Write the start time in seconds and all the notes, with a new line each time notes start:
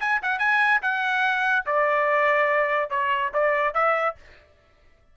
0.00 G#5
0.22 F#5
0.39 G#5
0.82 F#5
1.66 D5
2.90 C#5
3.34 D5
3.74 E5